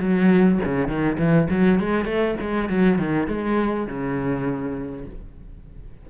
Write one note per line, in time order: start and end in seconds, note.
0.00 0.59 F#3
0.65 0.88 C#3
0.88 1.18 D#3
1.19 1.48 E3
1.51 1.80 F#3
1.80 2.05 G#3
2.05 2.35 A3
2.41 2.69 G#3
2.69 2.99 F#3
2.99 3.28 D#3
3.28 3.87 G#3
3.87 5.06 C#3